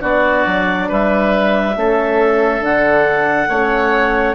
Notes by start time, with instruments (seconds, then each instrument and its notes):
0.00 bassoon B3, horn D4, oboe F#4, clarinet D5
0.46 bassoon F#3
0.88 bassoon G3, oboe B4, clarinet E5
1.76 bassoon A3, horn C#4, oboe A4
2.60 bassoon D3, horn D4, clarinet F#5
3.48 bassoon A3, horn C#4, oboe C#5